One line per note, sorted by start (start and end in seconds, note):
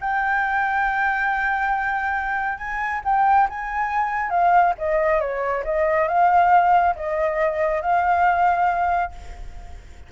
0.00 2.58 G5
2.58 3.01 G#5
3.04 3.48 G5
3.49 4.30 G#5
4.30 4.73 F5
4.78 5.20 D#5
5.20 5.63 C#5
5.64 6.08 D#5
6.08 6.95 F5
6.95 7.81 D#5
7.81 9.11 F5